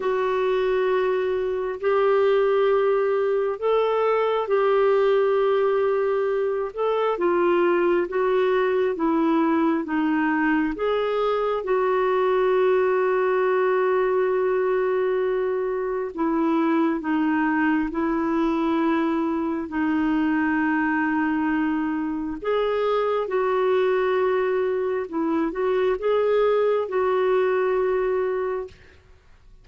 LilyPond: \new Staff \with { instrumentName = "clarinet" } { \time 4/4 \tempo 4 = 67 fis'2 g'2 | a'4 g'2~ g'8 a'8 | f'4 fis'4 e'4 dis'4 | gis'4 fis'2.~ |
fis'2 e'4 dis'4 | e'2 dis'2~ | dis'4 gis'4 fis'2 | e'8 fis'8 gis'4 fis'2 | }